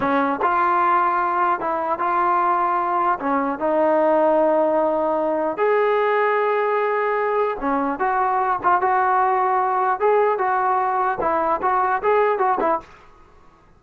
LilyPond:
\new Staff \with { instrumentName = "trombone" } { \time 4/4 \tempo 4 = 150 cis'4 f'2. | e'4 f'2. | cis'4 dis'2.~ | dis'2 gis'2~ |
gis'2. cis'4 | fis'4. f'8 fis'2~ | fis'4 gis'4 fis'2 | e'4 fis'4 gis'4 fis'8 e'8 | }